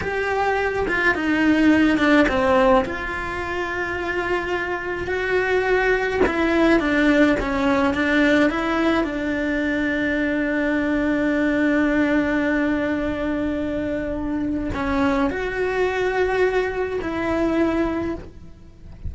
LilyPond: \new Staff \with { instrumentName = "cello" } { \time 4/4 \tempo 4 = 106 g'4. f'8 dis'4. d'8 | c'4 f'2.~ | f'4 fis'2 e'4 | d'4 cis'4 d'4 e'4 |
d'1~ | d'1~ | d'2 cis'4 fis'4~ | fis'2 e'2 | }